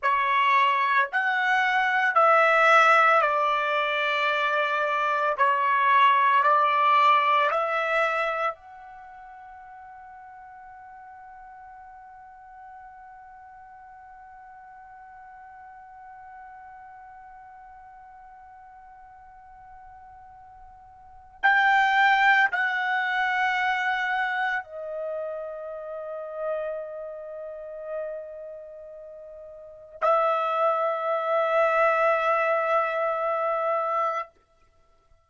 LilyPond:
\new Staff \with { instrumentName = "trumpet" } { \time 4/4 \tempo 4 = 56 cis''4 fis''4 e''4 d''4~ | d''4 cis''4 d''4 e''4 | fis''1~ | fis''1~ |
fis''1 | g''4 fis''2 dis''4~ | dis''1 | e''1 | }